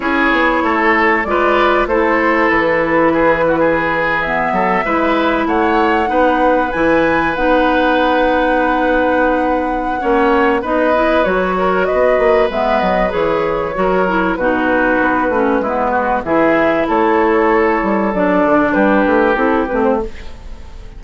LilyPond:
<<
  \new Staff \with { instrumentName = "flute" } { \time 4/4 \tempo 4 = 96 cis''2 d''4 c''4 | b'2~ b'8. e''4~ e''16~ | e''8. fis''2 gis''4 fis''16~ | fis''1~ |
fis''4 dis''4 cis''4 dis''4 | e''8 dis''8 cis''2 b'4~ | b'2 e''4 cis''4~ | cis''4 d''4 b'4 a'8 b'16 c''16 | }
  \new Staff \with { instrumentName = "oboe" } { \time 4/4 gis'4 a'4 b'4 a'4~ | a'4 gis'8 fis'16 gis'4. a'8 b'16~ | b'8. cis''4 b'2~ b'16~ | b'1 |
cis''4 b'4. ais'8 b'4~ | b'2 ais'4 fis'4~ | fis'4 e'8 fis'8 gis'4 a'4~ | a'2 g'2 | }
  \new Staff \with { instrumentName = "clarinet" } { \time 4/4 e'2 f'4 e'4~ | e'2~ e'8. b4 e'16~ | e'4.~ e'16 dis'4 e'4 dis'16~ | dis'1 |
cis'4 dis'8 e'8 fis'2 | b4 gis'4 fis'8 e'8 dis'4~ | dis'8 cis'8 b4 e'2~ | e'4 d'2 e'8 c'8 | }
  \new Staff \with { instrumentName = "bassoon" } { \time 4/4 cis'8 b8 a4 gis4 a4 | e2.~ e16 fis8 gis16~ | gis8. a4 b4 e4 b16~ | b1 |
ais4 b4 fis4 b8 ais8 | gis8 fis8 e4 fis4 b,4 | b8 a8 gis4 e4 a4~ | a8 g8 fis8 d8 g8 a8 c'8 a8 | }
>>